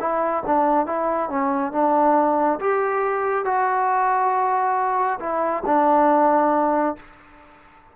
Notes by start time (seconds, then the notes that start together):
0.00 E4
0.46 D4
0.86 E4
1.30 C#4
1.72 D4
2.60 G4
3.45 F#4
5.20 E4
5.66 D4